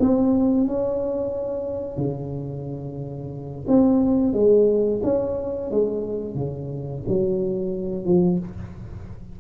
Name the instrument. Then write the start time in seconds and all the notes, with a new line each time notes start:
tuba
0.00 C4
0.67 C#4
1.98 C#3
3.68 C4
4.34 G#3
5.03 C#4
5.71 G#3
6.35 C#3
7.08 F#3
8.05 F3